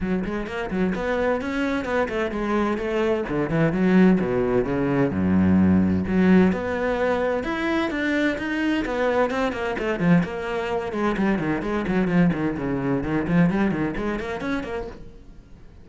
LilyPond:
\new Staff \with { instrumentName = "cello" } { \time 4/4 \tempo 4 = 129 fis8 gis8 ais8 fis8 b4 cis'4 | b8 a8 gis4 a4 d8 e8 | fis4 b,4 cis4 fis,4~ | fis,4 fis4 b2 |
e'4 d'4 dis'4 b4 | c'8 ais8 a8 f8 ais4. gis8 | g8 dis8 gis8 fis8 f8 dis8 cis4 | dis8 f8 g8 dis8 gis8 ais8 cis'8 ais8 | }